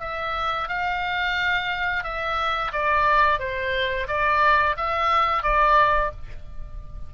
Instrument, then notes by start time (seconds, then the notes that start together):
oboe
0.00 E5
0.68 F5
2.03 E5
2.72 D5
3.39 C5
4.08 D5
4.77 E5
5.43 D5